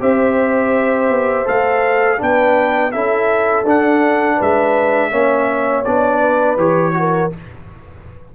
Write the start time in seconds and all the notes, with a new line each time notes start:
0.00 C4 G4 C5 E5
1.09 B3
1.45 A3 A4 F5
2.18 B3 D4 B4 G5
2.91 C#4 E4 A4 E5
3.64 D4 F#5
4.36 G#3 B4 E5
5.11 A#3 C#4 C#5
5.84 B3 D4 D5
6.20 B4
6.56 E3 G4 C#5
6.93 F#4 A#4